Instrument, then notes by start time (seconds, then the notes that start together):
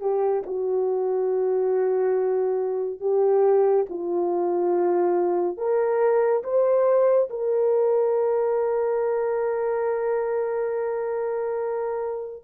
horn
0.00 G4
0.46 F#4
3.00 G4
3.89 F4
5.57 A#4
6.43 C5
7.30 A#4